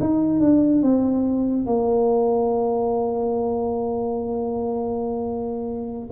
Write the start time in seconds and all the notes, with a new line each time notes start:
0.00 D#4
0.40 D4
0.83 C4
1.66 A#3